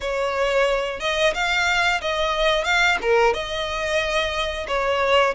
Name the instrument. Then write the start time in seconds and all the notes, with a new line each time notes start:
violin
0.00 C#5
1.00 D#5
1.34 F5
2.01 D#5
2.64 F5
3.02 A#4
3.33 D#5
4.67 C#5